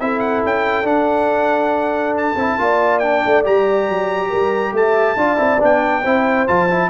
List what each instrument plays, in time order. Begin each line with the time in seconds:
0.00 tuba C4, trombone E4, horn A4, trumpet E5
0.20 trumpet F#5
0.44 tuba C#4, trumpet G5
0.83 tuba D4, trombone D4, trumpet F#5
2.17 trumpet A5
2.36 tuba C4, trombone E4
2.58 tuba A#3, trombone F4, horn D5
2.99 trombone D4, trumpet G5
3.25 tuba A3
3.44 tuba G3, trombone G4, trumpet A#5
3.89 tuba F#3
4.29 tuba G3, horn A#4
4.72 tuba A3, horn E5, trumpet A5
5.16 tuba D4, trombone F4, horn D5
5.37 tuba C4, trombone E4
5.60 tuba B3, trombone D4, trumpet G5
6.02 tuba C4, trombone E4, horn C5
6.47 tuba F3, trombone F4, trumpet A5
6.70 trombone E4